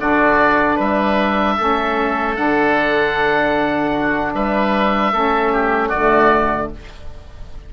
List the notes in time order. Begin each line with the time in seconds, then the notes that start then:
0.00 D3 D4 F#4 D5
0.76 G3 B4 E5
1.58 A3 C#4 A4
2.36 D3 D4 F#5
3.92 F#4
4.34 G3 B4 E5
5.13 A3 C#4 A4
5.53 G4
5.88 F#4 D5
5.94 D3 A3